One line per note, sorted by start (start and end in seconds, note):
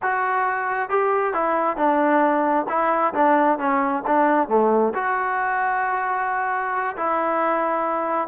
0.02 0.89 F#4
0.89 1.33 G4
1.33 1.76 E4
1.76 2.66 D4
2.68 3.13 E4
3.13 3.58 D4
3.58 4.03 C#4
4.06 4.48 D4
4.48 4.93 A3
4.94 6.96 F#4
6.96 8.28 E4